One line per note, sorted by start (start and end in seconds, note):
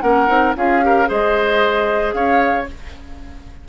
0.00 0.28 A#3
0.00 0.27 C#4
0.00 0.56 A#4
0.00 0.53 F#5
0.27 0.54 C4
0.27 0.53 D#4
0.56 1.09 C#4
0.56 0.82 F4
0.56 0.84 G#4
0.56 1.10 F5
0.82 1.06 G4
0.82 1.08 A#4
1.06 2.13 G#3
1.06 2.65 G#4
1.06 2.14 C5
1.06 2.12 D#5
2.12 2.66 C#4
2.12 2.68 C#5
2.12 2.66 F5